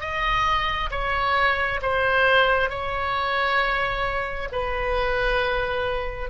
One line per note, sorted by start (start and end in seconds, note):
0.00 0.90 D#5
0.91 1.80 C#5
1.82 2.69 C5
2.69 4.48 C#5
4.52 6.30 B4